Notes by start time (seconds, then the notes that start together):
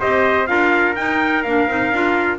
0.00 C4 G4 C5 D#5
0.47 D4 F4 A#4 F5
0.96 D#4 G5
1.43 A#3 D4 F5
1.68 C4 D#4
1.92 D4 F4